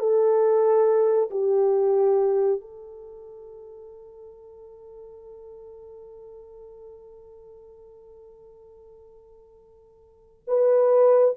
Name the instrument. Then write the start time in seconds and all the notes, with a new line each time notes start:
horn
0.00 A4
1.31 G4
2.61 A4
10.48 B4